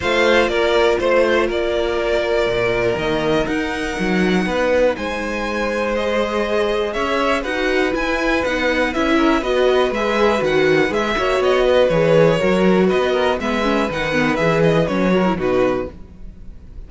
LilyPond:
<<
  \new Staff \with { instrumentName = "violin" } { \time 4/4 \tempo 4 = 121 f''4 d''4 c''4 d''4~ | d''2 dis''4 fis''4~ | fis''2 gis''2 | dis''2 e''4 fis''4 |
gis''4 fis''4 e''4 dis''4 | e''4 fis''4 e''4 dis''4 | cis''2 dis''4 e''4 | fis''4 e''8 dis''8 cis''4 b'4 | }
  \new Staff \with { instrumentName = "violin" } { \time 4/4 c''4 ais'4 c''4 ais'4~ | ais'1~ | ais'4 b'4 c''2~ | c''2 cis''4 b'4~ |
b'2~ b'8 ais'8 b'4~ | b'2~ b'8 cis''4 b'8~ | b'4 ais'4 b'8 ais'8 b'4~ | b'2~ b'8 ais'8 fis'4 | }
  \new Staff \with { instrumentName = "viola" } { \time 4/4 f'1~ | f'2 ais4 dis'4~ | dis'1 | gis'2. fis'4 |
e'4 dis'4 e'4 fis'4 | gis'4 fis'4 gis'8 fis'4. | gis'4 fis'2 b8 cis'8 | dis'8 b8 gis'4 cis'8 fis'16 e'16 dis'4 | }
  \new Staff \with { instrumentName = "cello" } { \time 4/4 a4 ais4 a4 ais4~ | ais4 ais,4 dis4 dis'4 | fis4 b4 gis2~ | gis2 cis'4 dis'4 |
e'4 b4 cis'4 b4 | gis4 dis4 gis8 ais8 b4 | e4 fis4 b4 gis4 | dis4 e4 fis4 b,4 | }
>>